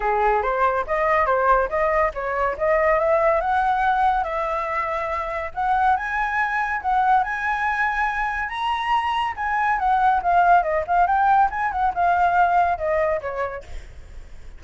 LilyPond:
\new Staff \with { instrumentName = "flute" } { \time 4/4 \tempo 4 = 141 gis'4 c''4 dis''4 c''4 | dis''4 cis''4 dis''4 e''4 | fis''2 e''2~ | e''4 fis''4 gis''2 |
fis''4 gis''2. | ais''2 gis''4 fis''4 | f''4 dis''8 f''8 g''4 gis''8 fis''8 | f''2 dis''4 cis''4 | }